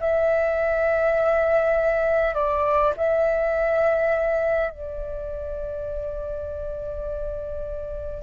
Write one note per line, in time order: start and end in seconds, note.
0.00 2.34 E5
2.34 2.93 D5
2.97 4.71 E5
4.71 8.23 D5